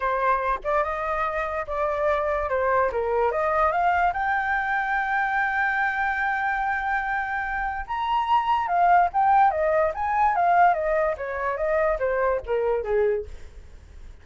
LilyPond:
\new Staff \with { instrumentName = "flute" } { \time 4/4 \tempo 4 = 145 c''4. d''8 dis''2 | d''2 c''4 ais'4 | dis''4 f''4 g''2~ | g''1~ |
g''2. ais''4~ | ais''4 f''4 g''4 dis''4 | gis''4 f''4 dis''4 cis''4 | dis''4 c''4 ais'4 gis'4 | }